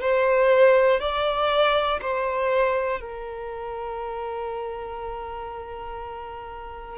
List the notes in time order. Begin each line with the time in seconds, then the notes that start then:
0.00 C5
1.00 D5
2.01 C5
3.00 A#4